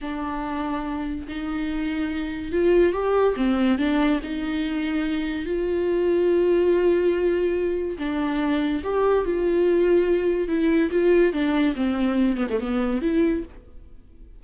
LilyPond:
\new Staff \with { instrumentName = "viola" } { \time 4/4 \tempo 4 = 143 d'2. dis'4~ | dis'2 f'4 g'4 | c'4 d'4 dis'2~ | dis'4 f'2.~ |
f'2. d'4~ | d'4 g'4 f'2~ | f'4 e'4 f'4 d'4 | c'4. b16 a16 b4 e'4 | }